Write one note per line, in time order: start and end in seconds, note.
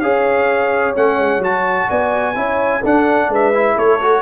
0.00 0.95 C#4
0.00 0.95 G#4
0.00 1.88 C#5
0.00 0.94 F5
0.95 1.17 A3
0.95 1.41 C#4
0.95 1.43 F#5
1.17 1.38 G#3
1.38 1.85 F#3
1.38 2.35 F#4
1.38 1.90 A5
1.88 2.35 B3
1.88 2.35 D5
1.88 2.84 G#5
2.35 2.82 C#4
2.35 2.81 E4
2.35 2.80 C#5
2.80 3.28 D4
2.80 3.54 D4
2.80 3.27 A4
2.80 3.32 F#5
3.28 3.75 G#3
3.28 3.75 B4
3.28 3.78 E5
3.54 4.00 E4
3.75 4.22 A3
3.75 4.21 A4
3.75 4.22 C#5
4.00 4.22 F#4